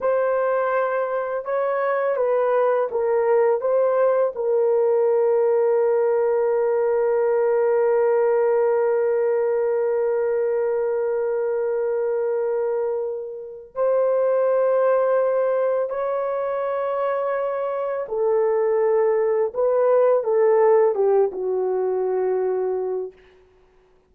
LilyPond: \new Staff \with { instrumentName = "horn" } { \time 4/4 \tempo 4 = 83 c''2 cis''4 b'4 | ais'4 c''4 ais'2~ | ais'1~ | ais'1~ |
ais'2. c''4~ | c''2 cis''2~ | cis''4 a'2 b'4 | a'4 g'8 fis'2~ fis'8 | }